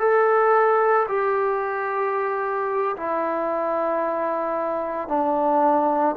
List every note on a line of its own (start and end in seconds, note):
0.00 1.07 A4
1.09 2.96 G4
2.97 5.08 E4
5.08 6.16 D4